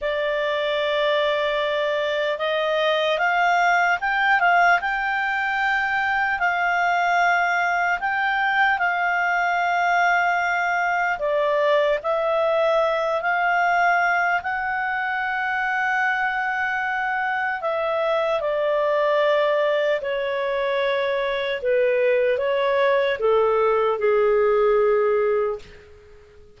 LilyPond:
\new Staff \with { instrumentName = "clarinet" } { \time 4/4 \tempo 4 = 75 d''2. dis''4 | f''4 g''8 f''8 g''2 | f''2 g''4 f''4~ | f''2 d''4 e''4~ |
e''8 f''4. fis''2~ | fis''2 e''4 d''4~ | d''4 cis''2 b'4 | cis''4 a'4 gis'2 | }